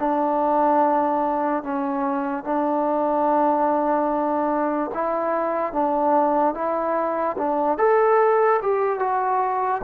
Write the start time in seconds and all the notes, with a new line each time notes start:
0.00 D4
1.64 C#4
2.44 D4
4.94 E4
5.73 D4
6.55 E4
7.38 D4
7.79 A4
8.62 G4
9.00 F#4